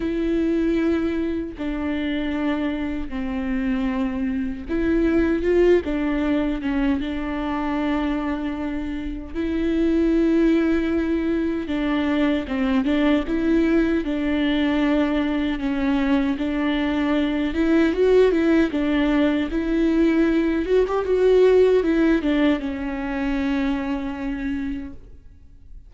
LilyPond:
\new Staff \with { instrumentName = "viola" } { \time 4/4 \tempo 4 = 77 e'2 d'2 | c'2 e'4 f'8 d'8~ | d'8 cis'8 d'2. | e'2. d'4 |
c'8 d'8 e'4 d'2 | cis'4 d'4. e'8 fis'8 e'8 | d'4 e'4. fis'16 g'16 fis'4 | e'8 d'8 cis'2. | }